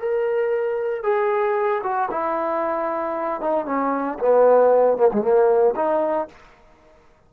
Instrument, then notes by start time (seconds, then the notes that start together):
trombone
0.00 A#4
1.04 G#4
1.83 F#4
2.11 E4
3.41 D#4
3.66 C#4
4.20 B3
4.98 A#3
5.13 G#3
5.22 A#3
5.76 D#4